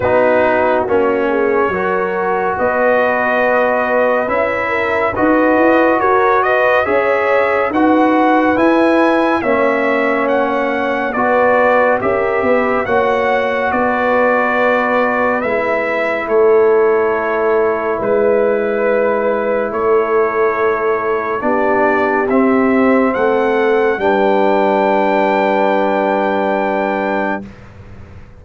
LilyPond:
<<
  \new Staff \with { instrumentName = "trumpet" } { \time 4/4 \tempo 4 = 70 b'4 cis''2 dis''4~ | dis''4 e''4 dis''4 cis''8 dis''8 | e''4 fis''4 gis''4 e''4 | fis''4 d''4 e''4 fis''4 |
d''2 e''4 cis''4~ | cis''4 b'2 cis''4~ | cis''4 d''4 e''4 fis''4 | g''1 | }
  \new Staff \with { instrumentName = "horn" } { \time 4/4 fis'4. gis'8 ais'4 b'4~ | b'4. ais'8 b'4 ais'8 b'8 | cis''4 b'2 cis''4~ | cis''4 b'4 ais'8 b'8 cis''4 |
b'2. a'4~ | a'4 b'2 a'4~ | a'4 g'2 a'4 | b'1 | }
  \new Staff \with { instrumentName = "trombone" } { \time 4/4 dis'4 cis'4 fis'2~ | fis'4 e'4 fis'2 | gis'4 fis'4 e'4 cis'4~ | cis'4 fis'4 g'4 fis'4~ |
fis'2 e'2~ | e'1~ | e'4 d'4 c'2 | d'1 | }
  \new Staff \with { instrumentName = "tuba" } { \time 4/4 b4 ais4 fis4 b4~ | b4 cis'4 dis'8 e'8 fis'4 | cis'4 dis'4 e'4 ais4~ | ais4 b4 cis'8 b8 ais4 |
b2 gis4 a4~ | a4 gis2 a4~ | a4 b4 c'4 a4 | g1 | }
>>